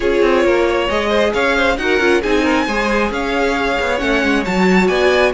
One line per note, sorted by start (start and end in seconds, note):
0.00 0.22 C#4
0.00 0.89 F4
0.00 0.44 G#4
0.00 0.88 C#5
0.22 0.44 C4
0.44 0.88 A#3
0.44 0.67 A#4
0.67 1.08 C#5
0.88 1.34 G#3
0.88 1.77 G#4
0.88 1.32 D#5
1.08 1.31 C5
1.33 1.77 C#4
1.33 1.56 C#5
1.33 1.77 F5
1.56 1.78 C5
1.77 1.99 D#4
1.77 2.00 F#4
1.77 2.21 A#4
1.77 2.22 F#5
1.99 2.21 C#4
1.99 2.22 F4
2.21 2.67 C4
2.21 2.68 D#4
2.21 2.43 G#4
2.21 3.11 G#5
2.43 2.65 A#4
2.66 3.10 G#3
2.66 3.98 G#4
2.66 3.11 C5
3.10 3.77 C#4
3.10 4.87 C#5
3.10 3.99 F5
3.80 4.01 B3
3.98 4.23 A3
3.98 4.43 C#4
3.98 4.43 F#5
4.23 4.45 G#3
4.45 4.89 F#3
4.45 5.33 F#4
4.45 4.87 A5
4.87 5.33 B3
4.87 5.31 D5
4.87 5.31 G#5